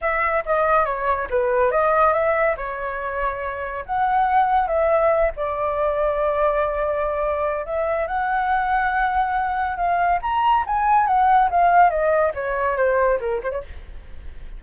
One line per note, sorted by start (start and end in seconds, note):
0.01 0.44 E5
0.45 0.85 D#5
0.85 1.27 C#5
1.30 1.71 B4
1.71 2.13 D#5
2.13 2.55 E5
2.56 3.84 C#5
3.85 4.67 F#5
4.67 5.31 E5
5.36 7.65 D5
7.65 8.07 E5
8.07 9.76 F#5
9.76 10.19 F5
10.22 10.64 A#5
10.66 11.07 G#5
11.07 11.49 F#5
11.50 11.90 F5
11.90 12.32 D#5
12.34 12.76 C#5
12.76 13.19 C5
13.20 13.41 A#4
13.43 13.51 C5
13.51 13.61 C#5